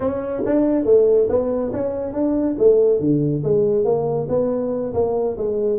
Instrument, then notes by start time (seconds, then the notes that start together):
tuba
0.00 C#4
0.45 D4
0.85 A3
1.29 B3
1.72 C#4
2.13 D4
2.58 A3
2.99 D3
3.43 G#3
3.84 A#3
4.29 B3
4.93 A#3
5.37 G#3